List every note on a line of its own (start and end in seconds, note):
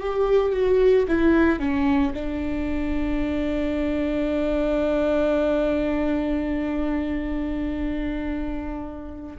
0.00 0.53 G4
0.53 1.06 F#4
1.08 1.59 E4
1.59 2.13 C#4
2.14 9.37 D4